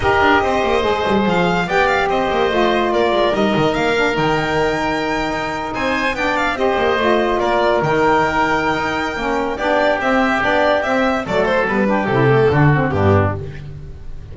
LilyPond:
<<
  \new Staff \with { instrumentName = "violin" } { \time 4/4 \tempo 4 = 144 dis''2. f''4 | g''8 f''8 dis''2 d''4 | dis''4 f''4 g''2~ | g''4.~ g''16 gis''4 g''8 f''8 dis''16~ |
dis''4.~ dis''16 d''4 g''4~ g''16~ | g''2. d''4 | e''4 d''4 e''4 d''8 c''8 | b'4 a'2 g'4 | }
  \new Staff \with { instrumentName = "oboe" } { \time 4/4 ais'4 c''2. | d''4 c''2 ais'4~ | ais'1~ | ais'4.~ ais'16 c''4 d''4 c''16~ |
c''4.~ c''16 ais'2~ ais'16~ | ais'2. g'4~ | g'2. a'4~ | a'8 g'4. fis'4 d'4 | }
  \new Staff \with { instrumentName = "saxophone" } { \time 4/4 g'2 gis'2 | g'2 f'2 | dis'4. d'8 dis'2~ | dis'2~ dis'8. d'4 g'16~ |
g'8. f'2 dis'4~ dis'16~ | dis'2 cis'4 d'4 | c'4 d'4 c'4 a4 | b8 d'8 e'8 a8 d'8 c'8 b4 | }
  \new Staff \with { instrumentName = "double bass" } { \time 4/4 dis'8 d'8 c'8 ais8 gis8 g8 f4 | b4 c'8 ais8 a4 ais8 gis8 | g8 dis8 ais4 dis2~ | dis8. dis'4 c'4 b4 c'16~ |
c'16 ais8 a4 ais4 dis4~ dis16~ | dis4 dis'4 ais4 b4 | c'4 b4 c'4 fis4 | g4 c4 d4 g,4 | }
>>